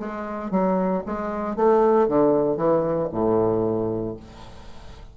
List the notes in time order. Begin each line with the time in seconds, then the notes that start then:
0.00 G#3
0.51 F#3
1.06 G#3
1.56 A3
2.08 D3
2.57 E3
3.12 A2